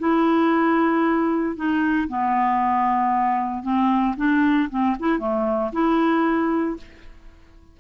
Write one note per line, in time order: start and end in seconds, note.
0.00 1.57 E4
1.57 2.09 D#4
2.09 3.64 B3
3.64 4.16 C4
4.18 4.70 D4
4.71 4.97 C4
5.00 5.19 E4
5.19 5.72 A3
5.73 6.77 E4